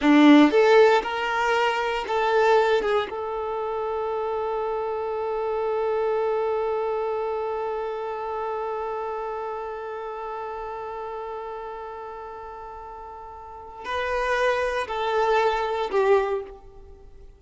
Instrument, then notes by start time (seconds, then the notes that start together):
violin
0.01 D4
0.50 A4
1.02 A#4
2.07 A4
2.82 G#4
3.10 A4
13.84 B4
14.87 A4
15.90 G4